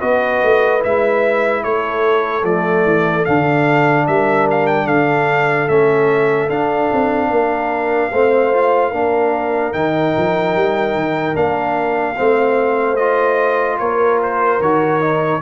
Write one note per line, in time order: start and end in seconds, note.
0.00 0.43 B3
0.00 0.80 F#4
0.00 1.63 B4
0.00 0.82 D#5
0.44 0.84 A3
0.80 1.65 G#3
0.80 2.42 E4
0.80 1.64 E5
1.64 2.44 A3
1.64 4.07 A4
1.64 2.45 C#5
2.44 2.84 F3
2.44 3.26 A3
2.44 3.26 D5
2.85 3.26 E3
3.26 4.08 D3
3.26 5.68 D4
3.26 4.07 F5
4.07 4.87 G3
4.07 4.86 A#4
4.07 4.48 E5
4.51 4.67 F5
4.67 4.87 G5
4.86 5.68 D3
4.86 7.29 A4
4.86 5.69 F5
5.68 6.49 A3
5.68 6.49 C#4
5.68 6.50 E5
6.50 6.90 D4
6.50 8.12 D4
6.50 9.73 F5
6.93 7.31 C4
7.31 8.12 A#3
7.31 8.12 A#4
8.12 8.93 A3
8.12 8.53 C4
8.12 8.91 C5
8.53 8.93 F4
8.91 9.74 A#3
8.91 9.73 D4
8.91 12.15 A#4
9.73 10.15 D#3
9.73 11.34 D#4
9.73 11.36 G5
10.18 10.56 F3
10.56 10.95 G3
10.95 11.35 D#3
11.34 12.17 A#3
11.34 12.15 D4
11.34 12.97 F5
12.17 13.80 A3
12.17 12.98 C4
12.17 13.80 C5
12.97 14.61 F4
12.97 13.78 D#5
13.79 14.60 A#3
13.79 15.42 A#4
13.79 14.20 C#5
14.23 14.62 C5
14.60 15.41 D#3
14.60 15.01 F#4
14.60 15.42 C#5
15.01 15.42 D#4